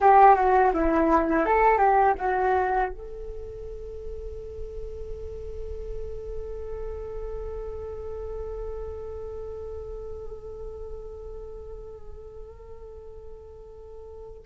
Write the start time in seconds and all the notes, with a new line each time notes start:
0.00 G4
0.35 F#4
0.73 E4
1.45 A4
1.77 G4
2.18 F#4
2.89 A4